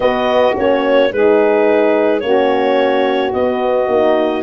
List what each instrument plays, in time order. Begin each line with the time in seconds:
0.00 horn B3, tuba B3, saxophone F#4, clarinet D#5
0.55 tuba A#3, horn C#4, clarinet C#5
1.11 tuba G#3, horn D#4, saxophone G#4, clarinet B4
2.20 tuba A#3, horn C#4, saxophone F#4, clarinet C#5
3.32 tuba B3, horn B3, clarinet D#5
3.87 tuba A#3, horn D#4